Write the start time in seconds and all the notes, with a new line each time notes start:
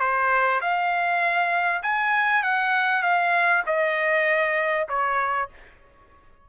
0.00 C5
0.61 F5
1.83 G#5
2.43 F#5
3.02 F5
3.66 D#5
4.88 C#5